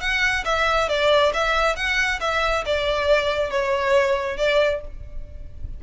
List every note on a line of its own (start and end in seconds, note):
0.00 0.44 F#5
0.45 0.88 E5
0.89 1.32 D5
1.33 1.76 E5
1.76 2.19 F#5
2.20 2.64 E5
2.65 3.50 D5
3.50 4.37 C#5
4.37 4.81 D5